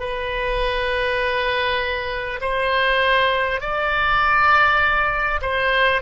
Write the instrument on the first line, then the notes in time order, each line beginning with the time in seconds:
oboe
0.00 B4
2.41 C5
3.61 D5
5.42 C5